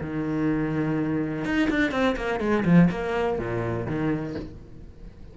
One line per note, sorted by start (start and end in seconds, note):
0.00 1.45 D#3
1.45 1.69 D#4
1.70 1.91 D4
1.91 2.15 C4
2.16 2.40 A#3
2.40 2.64 G#3
2.65 2.89 F3
2.90 3.38 A#3
3.38 3.86 A#2
3.86 4.35 D#3